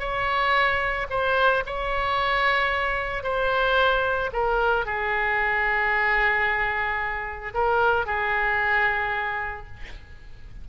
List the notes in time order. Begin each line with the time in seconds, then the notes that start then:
0.00 C#5
1.11 C5
1.66 C#5
3.24 C5
4.33 A#4
4.86 G#4
7.55 A#4
8.07 G#4